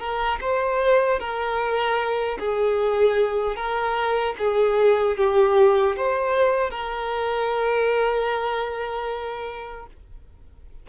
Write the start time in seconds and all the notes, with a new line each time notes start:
0.00 A#4
0.41 C5
1.20 A#4
2.40 G#4
3.56 A#4
4.39 G#4
5.17 G4
5.96 C5
6.71 A#4